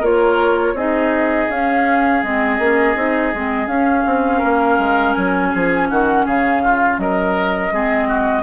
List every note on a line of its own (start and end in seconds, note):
0.00 0.74 A#3
0.00 0.76 F4
0.00 0.73 A#4
0.00 0.78 C#5
0.74 1.47 C4
0.74 1.50 D#4
0.74 4.38 G#4
0.74 1.51 D#5
1.50 2.23 C#4
1.50 2.24 C#4
1.50 2.24 F5
2.23 2.59 G#3
2.23 2.60 C4
2.23 3.68 D#5
2.59 2.96 A#3
2.59 2.96 C#4
2.96 3.32 C4
2.96 3.33 D#4
3.35 3.67 G#3
3.35 3.67 C4
3.67 7.70 C#4
3.67 4.04 C#4
3.67 5.14 F5
4.06 4.43 C4
4.38 4.79 A#3
4.38 5.48 A#4
4.79 5.15 G#3
5.14 5.54 F#3
5.14 5.87 G#5
5.52 5.90 F3
5.52 5.88 G#4
5.89 6.26 D#3
5.89 6.26 F#4
5.89 6.26 F#5
6.26 6.98 C#3
6.26 6.62 G#4
6.26 7.00 F5
6.64 7.01 F4
6.98 7.71 F#3
6.98 7.74 A#4
6.98 8.43 D#5
7.72 8.43 G#3
7.72 8.43 C4
7.72 8.08 G#4
8.08 8.43 F#4